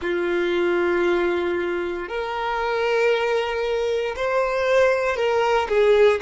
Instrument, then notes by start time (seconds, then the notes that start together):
violin
0.01 F4
2.08 A#4
4.16 C5
5.16 A#4
5.68 G#4